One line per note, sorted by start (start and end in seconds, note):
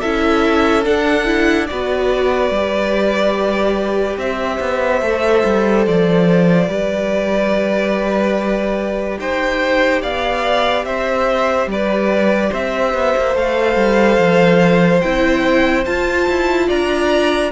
0.00 0.86 C#4
0.00 0.84 E4
0.00 1.67 A4
0.00 0.84 E5
0.84 1.25 D4
0.84 1.69 D4
0.84 1.66 F#5
1.25 1.66 E4
1.66 2.50 B3
1.66 2.54 F#4
1.66 4.20 B4
1.66 4.16 D5
2.50 4.16 G3
2.50 5.02 G4
4.17 4.58 C4
4.17 6.68 C5
4.17 5.85 E5
4.60 5.02 B3
5.02 5.43 A3
5.02 6.67 A4
5.44 5.86 G3
5.86 6.68 F3
5.86 9.19 D5
6.67 9.18 G3
6.67 13.34 G4
6.67 9.18 B4
9.19 10.02 D#4
9.19 10.02 C5
9.19 10.02 G5
10.02 10.84 B3
10.02 10.85 D5
10.02 10.85 F5
10.84 11.66 C4
10.84 11.69 C5
10.84 11.68 E5
11.66 12.50 G3
11.66 12.50 B4
11.66 12.53 D5
12.50 12.94 C4
12.50 16.66 C5
12.50 13.36 E5
12.94 13.14 B3
13.16 13.35 A#3
13.35 13.76 A3
13.35 15.01 A4
13.35 15.01 F5
13.76 14.17 G3
14.18 15.01 F3
15.01 15.86 C4
15.01 15.86 E4
15.01 15.84 G5
15.85 16.28 F4
15.85 17.51 F4
15.85 16.69 A5
16.28 16.70 E4
16.67 17.51 D4
16.67 17.50 D5
16.67 17.51 A#5